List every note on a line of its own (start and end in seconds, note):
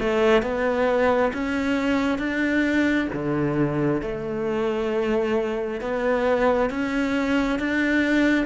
0.00 0.43 A3
0.43 1.32 B3
1.34 2.19 C#4
2.19 3.09 D4
3.13 4.02 D3
4.02 5.81 A3
5.81 6.70 B3
6.70 7.60 C#4
7.60 8.46 D4